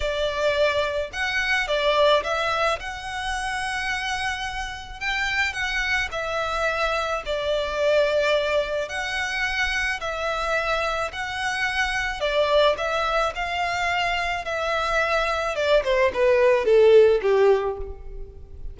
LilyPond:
\new Staff \with { instrumentName = "violin" } { \time 4/4 \tempo 4 = 108 d''2 fis''4 d''4 | e''4 fis''2.~ | fis''4 g''4 fis''4 e''4~ | e''4 d''2. |
fis''2 e''2 | fis''2 d''4 e''4 | f''2 e''2 | d''8 c''8 b'4 a'4 g'4 | }